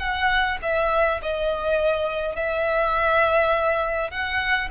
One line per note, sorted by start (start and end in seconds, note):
0.00 0.58 F#5
0.63 1.21 E5
1.23 2.36 D#5
2.36 4.11 E5
4.11 4.69 F#5